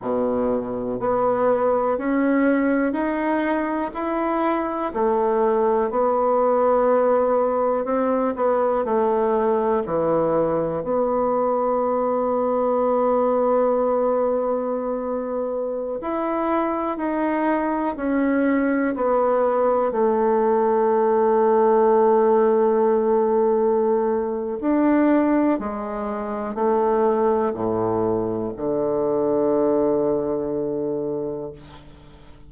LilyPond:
\new Staff \with { instrumentName = "bassoon" } { \time 4/4 \tempo 4 = 61 b,4 b4 cis'4 dis'4 | e'4 a4 b2 | c'8 b8 a4 e4 b4~ | b1~ |
b16 e'4 dis'4 cis'4 b8.~ | b16 a2.~ a8.~ | a4 d'4 gis4 a4 | a,4 d2. | }